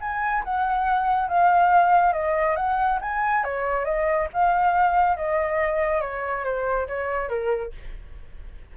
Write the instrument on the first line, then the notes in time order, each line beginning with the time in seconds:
flute
0.00 G#5
0.44 F#5
1.28 F5
2.13 D#5
2.56 F#5
3.01 G#5
3.44 C#5
3.85 D#5
4.33 F5
5.16 D#5
6.01 C#5
6.44 C5
6.88 C#5
7.29 A#4